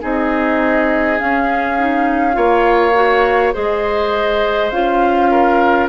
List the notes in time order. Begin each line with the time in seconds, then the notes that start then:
0.00 C4 D#4 G#4 D#5
1.18 C#4 F5
1.77 D#4
2.32 A#3 F4 C#5
2.94 F#4
3.52 G#3 G#4 C5 D#5
4.70 C#4 F4 F5
5.30 A#4